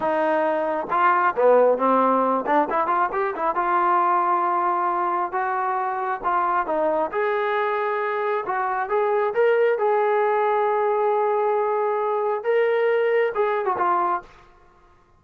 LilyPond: \new Staff \with { instrumentName = "trombone" } { \time 4/4 \tempo 4 = 135 dis'2 f'4 b4 | c'4. d'8 e'8 f'8 g'8 e'8 | f'1 | fis'2 f'4 dis'4 |
gis'2. fis'4 | gis'4 ais'4 gis'2~ | gis'1 | ais'2 gis'8. fis'16 f'4 | }